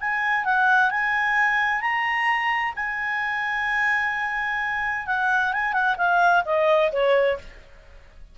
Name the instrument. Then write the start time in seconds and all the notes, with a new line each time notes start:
clarinet
0.00 G#5
0.44 F#5
0.90 G#5
1.81 A#5
2.76 G#5
5.07 F#5
5.53 G#5
5.73 F#5
5.97 F5
6.45 D#5
6.92 C#5